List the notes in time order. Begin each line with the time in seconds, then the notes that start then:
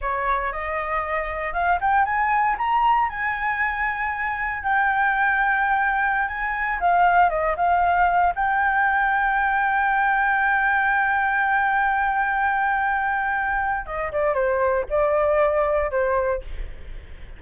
0.01 C#5
0.52 D#5
1.53 F5
1.80 G5
2.05 G#5
2.58 A#5
3.09 G#5
4.63 G5
6.28 G#5
6.79 F5
7.29 D#5
7.56 F5
8.35 G5
13.86 D#5
14.12 D5
14.34 C5
14.89 D5
15.90 C5